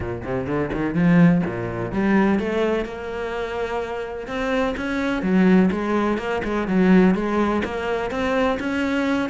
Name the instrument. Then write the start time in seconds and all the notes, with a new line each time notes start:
cello
0.00 A#2
0.24 C3
0.46 D3
0.72 D#3
0.94 F3
1.46 A#2
1.92 G3
2.39 A3
2.85 A#3
4.27 C4
4.76 C#4
5.22 F#3
5.71 G#3
6.18 A#3
6.44 G#3
6.67 F#3
7.15 G#3
7.64 A#3
8.10 C4
8.59 C#4